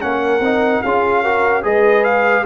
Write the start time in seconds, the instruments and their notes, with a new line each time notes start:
0.00 tuba A#3, trombone C#4, horn A#4, trumpet F#5
0.40 tuba C4, trombone D#4
0.82 tuba C#4, trombone F4, horn G#4, trumpet F5
1.22 trombone F#4, horn A#4
1.63 tuba G#3, trombone G#4, horn B4, trumpet D#5
2.04 trumpet F5